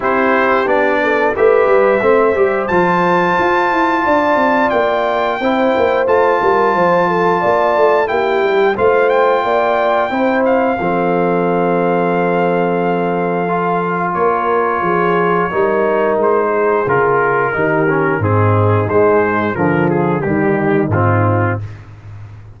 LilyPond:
<<
  \new Staff \with { instrumentName = "trumpet" } { \time 4/4 \tempo 4 = 89 c''4 d''4 e''2 | a''2. g''4~ | g''4 a''2. | g''4 f''8 g''2 f''8~ |
f''1~ | f''4 cis''2. | c''4 ais'2 gis'4 | c''4 ais'8 gis'8 g'4 f'4 | }
  \new Staff \with { instrumentName = "horn" } { \time 4/4 g'4. a'8 b'4 c''4~ | c''2 d''2 | c''4. ais'8 c''8 a'8 d''4 | g'4 c''4 d''4 c''4 |
a'1~ | a'4 ais'4 gis'4 ais'4~ | ais'8 gis'4. g'4 dis'4~ | dis'4 f'4 dis'2 | }
  \new Staff \with { instrumentName = "trombone" } { \time 4/4 e'4 d'4 g'4 c'8 g'8 | f'1 | e'4 f'2. | e'4 f'2 e'4 |
c'1 | f'2. dis'4~ | dis'4 f'4 dis'8 cis'8 c'4 | gis4 f4 g4 c'4 | }
  \new Staff \with { instrumentName = "tuba" } { \time 4/4 c'4 b4 a8 g8 a8 g8 | f4 f'8 e'8 d'8 c'8 ais4 | c'8 ais8 a8 g8 f4 ais8 a8 | ais8 g8 a4 ais4 c'4 |
f1~ | f4 ais4 f4 g4 | gis4 cis4 dis4 gis,4 | gis4 d4 dis4 gis,4 | }
>>